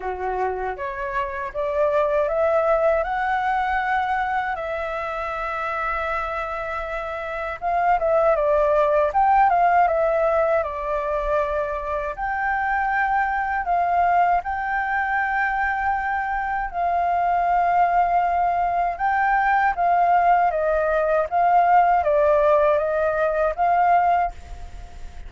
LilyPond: \new Staff \with { instrumentName = "flute" } { \time 4/4 \tempo 4 = 79 fis'4 cis''4 d''4 e''4 | fis''2 e''2~ | e''2 f''8 e''8 d''4 | g''8 f''8 e''4 d''2 |
g''2 f''4 g''4~ | g''2 f''2~ | f''4 g''4 f''4 dis''4 | f''4 d''4 dis''4 f''4 | }